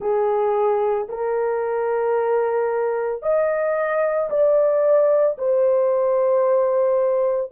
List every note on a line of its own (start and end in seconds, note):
0.00 1.07 G#4
1.09 3.22 A#4
3.22 4.29 D#5
4.30 5.37 D5
5.38 7.51 C5